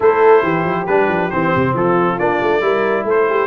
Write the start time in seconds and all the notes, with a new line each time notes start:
0.00 A3 E4 A4 C5
0.43 E3 G4
0.64 F3
0.86 G3 D4 B4
1.08 F3
1.30 E3 C4 C5
1.55 C3
1.73 F3 F4 A4
2.18 A#3 D4 D5
2.42 A3
2.61 G3 E4 A#4
3.04 A3 A4 C5
3.29 G4